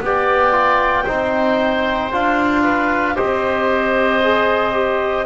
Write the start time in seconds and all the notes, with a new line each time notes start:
0.00 B3 G4 D5 G5
0.51 F4
1.05 C4 D#4 C5
2.12 D4 F4 F5
2.63 B4
3.16 C4 G4 C5 D#5
4.24 G#4
4.72 G4